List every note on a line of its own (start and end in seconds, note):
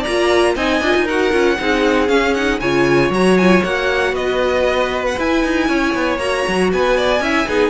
0.00 0.51 D5
0.00 0.55 A#5
0.07 0.56 A#3
0.07 0.57 F4
0.56 0.81 C4
0.56 0.82 D#4
0.56 1.04 D#5
0.56 1.07 G#5
0.81 0.94 D4
0.81 1.08 F4
0.95 1.33 D#4
1.04 1.32 F#4
1.04 1.55 A#4
1.04 2.09 F#5
1.32 1.58 C#4
1.32 1.58 F4
1.60 2.09 C4
1.60 2.08 D#4
1.60 2.60 G#4
2.08 2.34 C#4
2.08 2.60 C#4
2.08 2.34 F5
2.34 2.62 D#4
2.34 2.60 F#5
2.60 3.10 C#3
2.60 3.14 F4
2.60 4.14 C#5
2.60 3.11 G#5
3.10 3.61 F#3
3.10 3.40 F#4
3.10 3.37 A#5
3.37 3.64 F4
3.37 3.63 G#5
3.64 4.12 A#3
3.64 5.17 F#4
3.64 4.15 F#5
4.12 5.15 B3
4.12 5.68 B4
4.12 5.05 D#5
5.06 5.19 F#5
5.17 6.19 E4
5.17 5.44 E4
5.17 6.19 G#5
5.44 5.69 D#4
5.68 5.94 C#4
5.68 6.71 C#5
5.95 6.18 B3
6.18 6.44 A#3
6.18 7.22 F#4
6.18 6.70 A#5
6.48 6.72 F#3
6.72 7.20 B3
6.72 6.97 B4
6.72 7.70 G#5
6.97 7.23 D5
7.20 7.46 C#4
7.20 7.48 E4
7.20 7.48 E5
7.48 7.70 B3
7.48 7.70 D#4
7.48 7.70 G#4